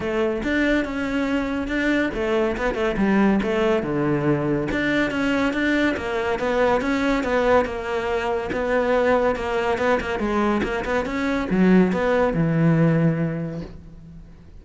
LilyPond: \new Staff \with { instrumentName = "cello" } { \time 4/4 \tempo 4 = 141 a4 d'4 cis'2 | d'4 a4 b8 a8 g4 | a4 d2 d'4 | cis'4 d'4 ais4 b4 |
cis'4 b4 ais2 | b2 ais4 b8 ais8 | gis4 ais8 b8 cis'4 fis4 | b4 e2. | }